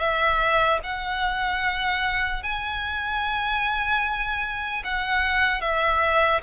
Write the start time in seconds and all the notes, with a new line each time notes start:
0.00 E5
0.84 F#5
2.43 G#5
4.85 F#5
5.61 E5